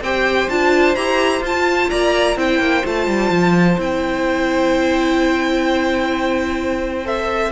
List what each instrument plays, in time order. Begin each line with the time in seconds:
0.00 cello C4, viola G4, violin C5 G5
0.49 cello D4, viola F4, violin A5
0.95 cello E4, viola G4, violin A#5
1.41 cello F4, viola F4, violin A5
1.90 cello A#3, violin D5 A#5
2.36 cello C4, viola E4, violin C5 G5
2.59 cello A#3
2.84 cello A3, viola F4, violin A5
3.07 cello G3
3.30 cello F3
3.78 cello C4, viola E4, violin G5
7.04 viola A4, violin E5